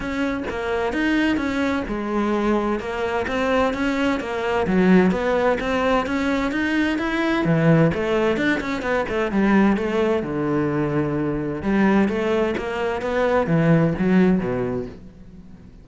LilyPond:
\new Staff \with { instrumentName = "cello" } { \time 4/4 \tempo 4 = 129 cis'4 ais4 dis'4 cis'4 | gis2 ais4 c'4 | cis'4 ais4 fis4 b4 | c'4 cis'4 dis'4 e'4 |
e4 a4 d'8 cis'8 b8 a8 | g4 a4 d2~ | d4 g4 a4 ais4 | b4 e4 fis4 b,4 | }